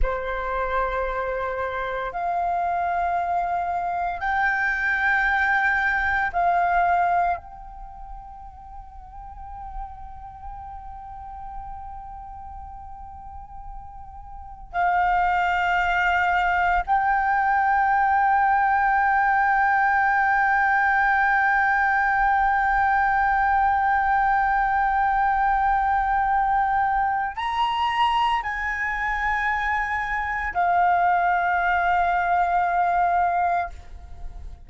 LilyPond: \new Staff \with { instrumentName = "flute" } { \time 4/4 \tempo 4 = 57 c''2 f''2 | g''2 f''4 g''4~ | g''1~ | g''2 f''2 |
g''1~ | g''1~ | g''2 ais''4 gis''4~ | gis''4 f''2. | }